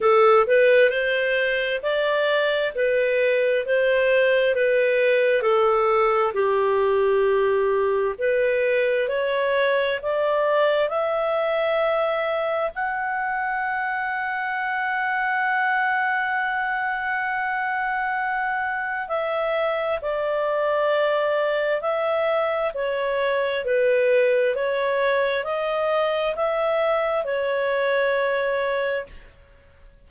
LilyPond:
\new Staff \with { instrumentName = "clarinet" } { \time 4/4 \tempo 4 = 66 a'8 b'8 c''4 d''4 b'4 | c''4 b'4 a'4 g'4~ | g'4 b'4 cis''4 d''4 | e''2 fis''2~ |
fis''1~ | fis''4 e''4 d''2 | e''4 cis''4 b'4 cis''4 | dis''4 e''4 cis''2 | }